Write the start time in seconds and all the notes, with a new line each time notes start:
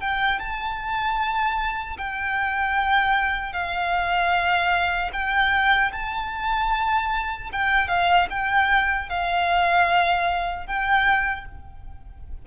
0.00 G5
0.39 A5
1.97 G5
3.53 F5
5.12 G5
5.92 A5
7.52 G5
7.88 F5
8.30 G5
9.09 F5
10.66 G5